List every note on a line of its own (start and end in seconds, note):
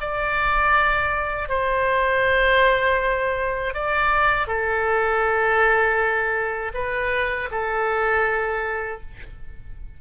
0.00 1.48 D5
1.48 3.73 C5
3.74 4.47 D5
4.47 6.72 A4
6.74 7.49 B4
7.51 9.01 A4